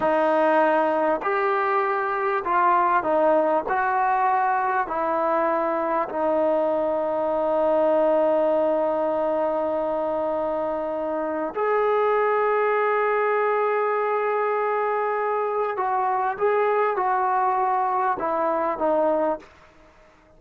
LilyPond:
\new Staff \with { instrumentName = "trombone" } { \time 4/4 \tempo 4 = 99 dis'2 g'2 | f'4 dis'4 fis'2 | e'2 dis'2~ | dis'1~ |
dis'2. gis'4~ | gis'1~ | gis'2 fis'4 gis'4 | fis'2 e'4 dis'4 | }